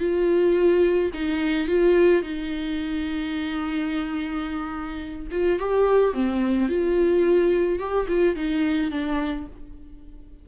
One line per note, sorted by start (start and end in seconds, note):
0.00 1.11 F4
1.14 1.68 D#4
1.68 2.23 F4
2.23 5.28 D#4
5.32 5.60 F4
5.60 6.14 G4
6.14 6.69 C4
6.69 7.80 F4
7.80 8.08 G4
8.09 8.36 F4
8.36 8.91 D#4
8.91 9.47 D4